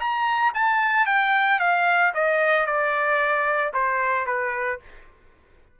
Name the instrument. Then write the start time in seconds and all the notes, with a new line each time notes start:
trumpet
0.00 A#5
0.55 A5
1.07 G5
1.60 F5
2.15 D#5
2.66 D5
3.74 C5
4.26 B4